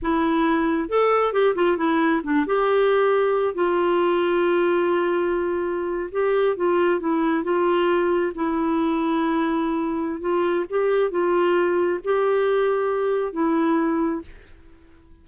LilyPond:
\new Staff \with { instrumentName = "clarinet" } { \time 4/4 \tempo 4 = 135 e'2 a'4 g'8 f'8 | e'4 d'8 g'2~ g'8 | f'1~ | f'4.~ f'16 g'4 f'4 e'16~ |
e'8. f'2 e'4~ e'16~ | e'2. f'4 | g'4 f'2 g'4~ | g'2 e'2 | }